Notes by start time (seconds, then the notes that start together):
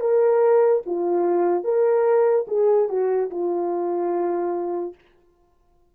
0.00 A#4
0.86 F4
1.64 A#4
2.48 G#4
2.88 F#4
3.30 F4